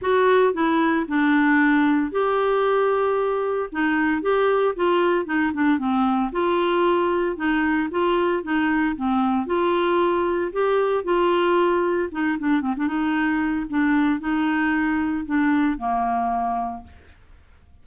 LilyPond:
\new Staff \with { instrumentName = "clarinet" } { \time 4/4 \tempo 4 = 114 fis'4 e'4 d'2 | g'2. dis'4 | g'4 f'4 dis'8 d'8 c'4 | f'2 dis'4 f'4 |
dis'4 c'4 f'2 | g'4 f'2 dis'8 d'8 | c'16 d'16 dis'4. d'4 dis'4~ | dis'4 d'4 ais2 | }